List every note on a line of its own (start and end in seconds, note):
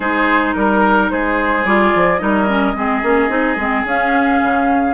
0.00 0.54 G#3
0.00 1.65 D#4
0.00 0.54 G#4
0.00 0.53 C5
0.53 1.10 G3
0.53 1.08 A#4
0.53 1.11 A#4
1.10 1.65 G#3
1.10 2.21 G#4
1.10 1.65 C5
1.65 1.92 G3
1.65 2.19 F4
1.65 2.18 D5
1.95 2.21 F3
2.18 2.74 G3
2.18 2.46 D#4
2.18 2.76 A#4
2.18 3.83 D#5
2.47 2.75 C#4
2.74 3.02 G#3
2.74 3.02 C4
2.74 4.94 G#4
3.02 3.29 A#3
3.02 3.28 C#4
3.28 3.56 C4
3.28 3.56 D#4
3.56 3.83 G#3
3.56 3.86 C4
3.85 4.40 C#4
3.85 4.94 C#4
3.85 4.94 F5
4.42 4.94 C#3